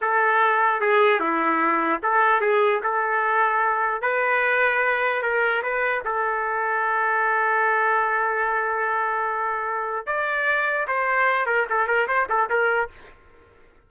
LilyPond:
\new Staff \with { instrumentName = "trumpet" } { \time 4/4 \tempo 4 = 149 a'2 gis'4 e'4~ | e'4 a'4 gis'4 a'4~ | a'2 b'2~ | b'4 ais'4 b'4 a'4~ |
a'1~ | a'1~ | a'4 d''2 c''4~ | c''8 ais'8 a'8 ais'8 c''8 a'8 ais'4 | }